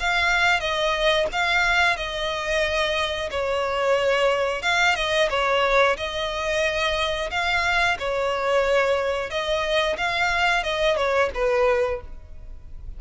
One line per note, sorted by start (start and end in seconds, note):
0.00 0.60 F5
0.60 1.27 D#5
1.32 1.97 F5
1.97 3.30 D#5
3.31 4.62 C#5
4.62 4.96 F5
4.96 5.29 D#5
5.30 5.97 C#5
5.97 7.31 D#5
7.31 7.98 F5
7.99 9.30 C#5
9.30 9.97 D#5
9.98 10.64 F5
10.64 10.97 D#5
10.97 11.30 C#5
11.35 12.01 B4